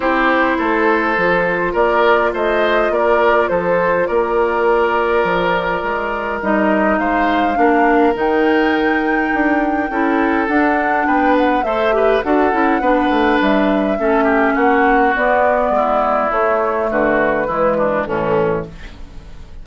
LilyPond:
<<
  \new Staff \with { instrumentName = "flute" } { \time 4/4 \tempo 4 = 103 c''2. d''4 | dis''4 d''4 c''4 d''4~ | d''2. dis''4 | f''2 g''2~ |
g''2 fis''4 g''8 fis''8 | e''4 fis''2 e''4~ | e''4 fis''4 d''2 | cis''4 b'2 a'4 | }
  \new Staff \with { instrumentName = "oboe" } { \time 4/4 g'4 a'2 ais'4 | c''4 ais'4 a'4 ais'4~ | ais'1 | c''4 ais'2.~ |
ais'4 a'2 b'4 | c''8 b'8 a'4 b'2 | a'8 g'8 fis'2 e'4~ | e'4 fis'4 e'8 d'8 cis'4 | }
  \new Staff \with { instrumentName = "clarinet" } { \time 4/4 e'2 f'2~ | f'1~ | f'2. dis'4~ | dis'4 d'4 dis'2~ |
dis'4 e'4 d'2 | a'8 g'8 fis'8 e'8 d'2 | cis'2 b2 | a2 gis4 e4 | }
  \new Staff \with { instrumentName = "bassoon" } { \time 4/4 c'4 a4 f4 ais4 | a4 ais4 f4 ais4~ | ais4 f4 gis4 g4 | gis4 ais4 dis2 |
d'4 cis'4 d'4 b4 | a4 d'8 cis'8 b8 a8 g4 | a4 ais4 b4 gis4 | a4 d4 e4 a,4 | }
>>